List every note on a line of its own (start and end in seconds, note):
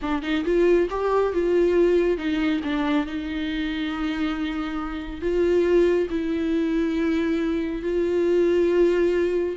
0.02 0.22 D4
0.22 0.44 D#4
0.45 0.88 F4
0.89 1.33 G4
1.33 2.17 F4
2.17 2.60 D#4
2.63 3.06 D4
3.06 5.21 D#4
5.21 6.08 F4
6.09 7.82 E4
7.82 9.56 F4